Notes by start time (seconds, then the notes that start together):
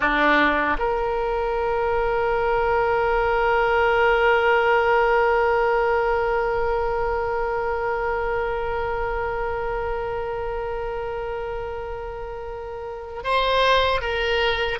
0.00 D4
0.78 A#4
13.23 C5
14.01 A#4